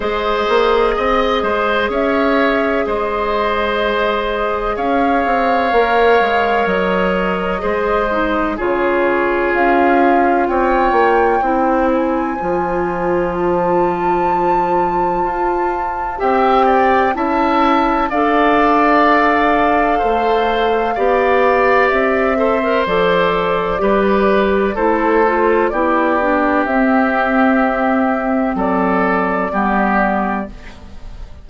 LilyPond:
<<
  \new Staff \with { instrumentName = "flute" } { \time 4/4 \tempo 4 = 63 dis''2 e''4 dis''4~ | dis''4 f''2 dis''4~ | dis''4 cis''4 f''4 g''4~ | g''8 gis''4. a''2~ |
a''4 g''4 a''4 f''4~ | f''2. e''4 | d''2 c''4 d''4 | e''2 d''2 | }
  \new Staff \with { instrumentName = "oboe" } { \time 4/4 c''4 dis''8 c''8 cis''4 c''4~ | c''4 cis''2. | c''4 gis'2 cis''4 | c''1~ |
c''4 e''8 d''8 e''4 d''4~ | d''4 c''4 d''4. c''8~ | c''4 b'4 a'4 g'4~ | g'2 a'4 g'4 | }
  \new Staff \with { instrumentName = "clarinet" } { \time 4/4 gis'1~ | gis'2 ais'2 | gis'8 dis'8 f'2. | e'4 f'2.~ |
f'4 g'4 e'4 a'4~ | a'2 g'4. a'16 ais'16 | a'4 g'4 e'8 f'8 e'8 d'8 | c'2. b4 | }
  \new Staff \with { instrumentName = "bassoon" } { \time 4/4 gis8 ais8 c'8 gis8 cis'4 gis4~ | gis4 cis'8 c'8 ais8 gis8 fis4 | gis4 cis4 cis'4 c'8 ais8 | c'4 f2. |
f'4 c'4 cis'4 d'4~ | d'4 a4 b4 c'4 | f4 g4 a4 b4 | c'2 fis4 g4 | }
>>